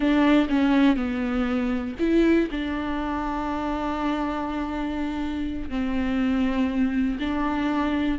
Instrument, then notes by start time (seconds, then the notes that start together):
viola
0.00 D4
0.49 C#4
0.96 B3
1.99 E4
2.51 D4
5.69 C4
7.19 D4